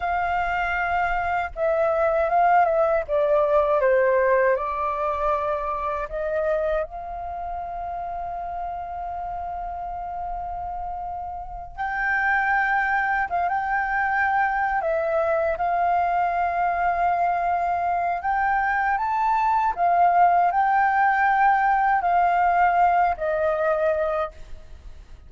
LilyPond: \new Staff \with { instrumentName = "flute" } { \time 4/4 \tempo 4 = 79 f''2 e''4 f''8 e''8 | d''4 c''4 d''2 | dis''4 f''2.~ | f''2.~ f''8 g''8~ |
g''4. f''16 g''4.~ g''16 e''8~ | e''8 f''2.~ f''8 | g''4 a''4 f''4 g''4~ | g''4 f''4. dis''4. | }